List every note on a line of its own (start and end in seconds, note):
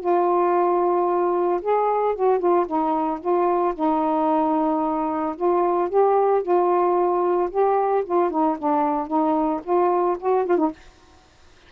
0.00 1.61 F4
1.61 2.15 G#4
2.15 2.39 F#4
2.39 2.66 F4
2.66 3.20 D#4
3.20 3.74 F4
3.75 5.36 D#4
5.36 5.89 F4
5.89 6.42 G4
6.42 7.50 F4
7.50 8.04 G4
8.05 8.31 F4
8.31 8.57 D#4
8.59 9.07 D4
9.07 9.61 D#4
9.64 10.17 F4
10.20 10.46 F#4
10.46 10.58 F4
10.58 10.71 D#4